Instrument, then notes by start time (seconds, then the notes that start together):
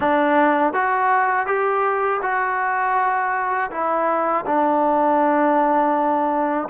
trombone
0.00 D4
0.73 F#4
1.46 G4
2.22 F#4
3.70 E4
4.46 D4